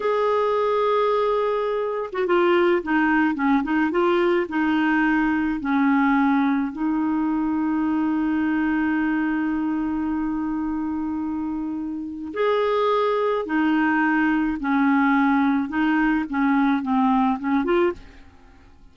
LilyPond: \new Staff \with { instrumentName = "clarinet" } { \time 4/4 \tempo 4 = 107 gis'2.~ gis'8. fis'16 | f'4 dis'4 cis'8 dis'8 f'4 | dis'2 cis'2 | dis'1~ |
dis'1~ | dis'2 gis'2 | dis'2 cis'2 | dis'4 cis'4 c'4 cis'8 f'8 | }